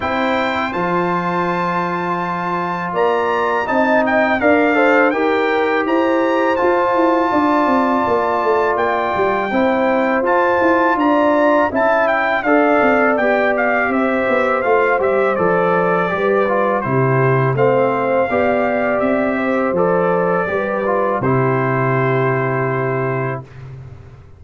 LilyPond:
<<
  \new Staff \with { instrumentName = "trumpet" } { \time 4/4 \tempo 4 = 82 g''4 a''2. | ais''4 a''8 g''8 f''4 g''4 | ais''4 a''2. | g''2 a''4 ais''4 |
a''8 g''8 f''4 g''8 f''8 e''4 | f''8 e''8 d''2 c''4 | f''2 e''4 d''4~ | d''4 c''2. | }
  \new Staff \with { instrumentName = "horn" } { \time 4/4 c''1 | d''4 dis''4 d''8 c''8 ais'4 | c''2 d''2~ | d''4 c''2 d''4 |
e''4 d''2 c''4~ | c''2 b'4 g'4 | c''4 d''4. c''4. | b'4 g'2. | }
  \new Staff \with { instrumentName = "trombone" } { \time 4/4 e'4 f'2.~ | f'4 dis'4 ais'8 a'8 g'4~ | g'4 f'2.~ | f'4 e'4 f'2 |
e'4 a'4 g'2 | f'8 g'8 a'4 g'8 f'8 e'4 | c'4 g'2 a'4 | g'8 f'8 e'2. | }
  \new Staff \with { instrumentName = "tuba" } { \time 4/4 c'4 f2. | ais4 c'4 d'4 dis'4 | e'4 f'8 e'8 d'8 c'8 ais8 a8 | ais8 g8 c'4 f'8 e'8 d'4 |
cis'4 d'8 c'8 b4 c'8 b8 | a8 g8 f4 g4 c4 | a4 b4 c'4 f4 | g4 c2. | }
>>